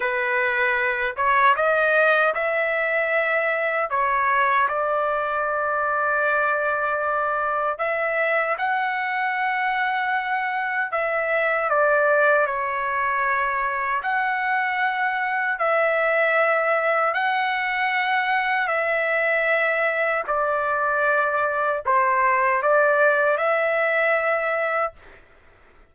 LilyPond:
\new Staff \with { instrumentName = "trumpet" } { \time 4/4 \tempo 4 = 77 b'4. cis''8 dis''4 e''4~ | e''4 cis''4 d''2~ | d''2 e''4 fis''4~ | fis''2 e''4 d''4 |
cis''2 fis''2 | e''2 fis''2 | e''2 d''2 | c''4 d''4 e''2 | }